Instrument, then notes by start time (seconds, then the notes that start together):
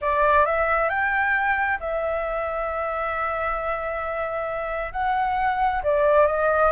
flute
0.01 D5
0.45 E5
0.89 G5
1.80 E5
4.92 F#5
5.83 D5
6.26 D#5